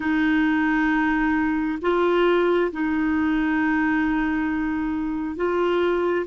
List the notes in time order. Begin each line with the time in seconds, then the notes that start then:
0.00 D#4
1.82 F4
2.72 D#4
5.36 F4